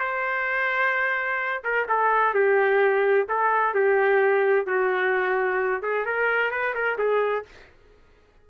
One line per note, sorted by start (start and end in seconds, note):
0.00 1.63 C5
1.64 1.87 A#4
1.89 2.34 A4
2.34 3.27 G4
3.29 3.74 A4
3.74 4.67 G4
4.67 5.82 F#4
5.82 6.06 G#4
6.06 6.51 A#4
6.51 6.75 B4
6.75 6.98 A#4
6.99 7.45 G#4